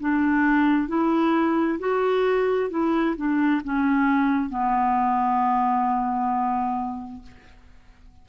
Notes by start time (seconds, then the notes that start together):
0.00 D4
0.88 E4
1.79 F#4
2.70 E4
3.16 D4
3.64 C#4
4.50 B3